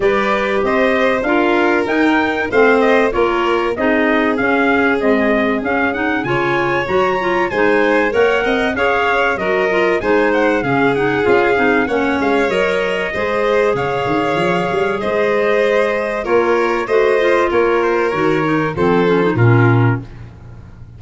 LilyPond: <<
  \new Staff \with { instrumentName = "trumpet" } { \time 4/4 \tempo 4 = 96 d''4 dis''4 f''4 g''4 | f''8 dis''8 cis''4 dis''4 f''4 | dis''4 f''8 fis''8 gis''4 ais''4 | gis''4 fis''4 f''4 dis''4 |
gis''8 fis''8 f''8 fis''8 f''4 fis''8 f''8 | dis''2 f''2 | dis''2 cis''4 dis''4 | cis''8 c''8 cis''4 c''4 ais'4 | }
  \new Staff \with { instrumentName = "violin" } { \time 4/4 b'4 c''4 ais'2 | c''4 ais'4 gis'2~ | gis'2 cis''2 | c''4 cis''8 dis''8 cis''4 ais'4 |
c''4 gis'2 cis''4~ | cis''4 c''4 cis''2 | c''2 ais'4 c''4 | ais'2 a'4 f'4 | }
  \new Staff \with { instrumentName = "clarinet" } { \time 4/4 g'2 f'4 dis'4 | c'4 f'4 dis'4 cis'4 | gis4 cis'8 dis'8 f'4 fis'8 f'8 | dis'4 ais'4 gis'4 fis'8 f'8 |
dis'4 cis'8 dis'8 f'8 dis'8 cis'4 | ais'4 gis'2.~ | gis'2 f'4 fis'8 f'8~ | f'4 fis'8 dis'8 c'8 cis'16 dis'16 cis'4 | }
  \new Staff \with { instrumentName = "tuba" } { \time 4/4 g4 c'4 d'4 dis'4 | a4 ais4 c'4 cis'4 | c'4 cis'4 cis4 fis4 | gis4 ais8 c'8 cis'4 fis4 |
gis4 cis4 cis'8 c'8 ais8 gis8 | fis4 gis4 cis8 dis8 f8 g8 | gis2 ais4 a4 | ais4 dis4 f4 ais,4 | }
>>